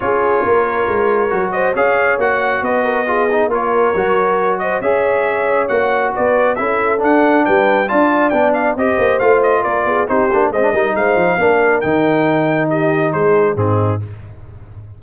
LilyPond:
<<
  \new Staff \with { instrumentName = "trumpet" } { \time 4/4 \tempo 4 = 137 cis''2.~ cis''8 dis''8 | f''4 fis''4 dis''2 | cis''2~ cis''8 dis''8 e''4~ | e''4 fis''4 d''4 e''4 |
fis''4 g''4 a''4 g''8 f''8 | dis''4 f''8 dis''8 d''4 c''4 | dis''4 f''2 g''4~ | g''4 dis''4 c''4 gis'4 | }
  \new Staff \with { instrumentName = "horn" } { \time 4/4 gis'4 ais'2~ ais'8 c''8 | cis''2 b'8 ais'8 gis'4 | ais'2~ ais'8 c''8 cis''4~ | cis''2 b'4 a'4~ |
a'4 b'4 d''2 | c''2 ais'8 gis'8 g'4 | c''8 ais'8 c''4 ais'2~ | ais'4 g'4 gis'4 dis'4 | }
  \new Staff \with { instrumentName = "trombone" } { \time 4/4 f'2. fis'4 | gis'4 fis'2 f'8 dis'8 | f'4 fis'2 gis'4~ | gis'4 fis'2 e'4 |
d'2 f'4 d'4 | g'4 f'2 dis'8 d'8 | c'16 d'16 dis'4. d'4 dis'4~ | dis'2. c'4 | }
  \new Staff \with { instrumentName = "tuba" } { \time 4/4 cis'4 ais4 gis4 fis4 | cis'4 ais4 b2 | ais4 fis2 cis'4~ | cis'4 ais4 b4 cis'4 |
d'4 g4 d'4 b4 | c'8 ais8 a4 ais8 b8 c'8 ais8 | gis8 g8 gis8 f8 ais4 dis4~ | dis2 gis4 gis,4 | }
>>